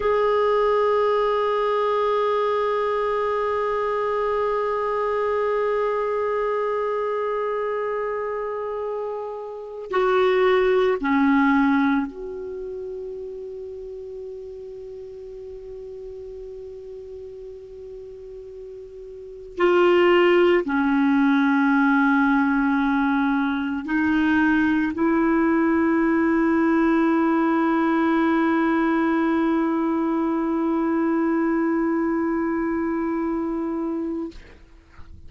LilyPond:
\new Staff \with { instrumentName = "clarinet" } { \time 4/4 \tempo 4 = 56 gis'1~ | gis'1~ | gis'4~ gis'16 fis'4 cis'4 fis'8.~ | fis'1~ |
fis'2~ fis'16 f'4 cis'8.~ | cis'2~ cis'16 dis'4 e'8.~ | e'1~ | e'1 | }